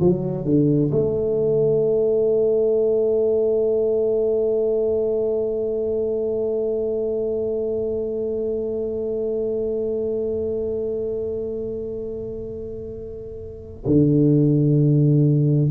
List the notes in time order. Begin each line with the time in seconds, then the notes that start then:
0.00 F#3
0.44 D3
0.91 A3
13.86 D3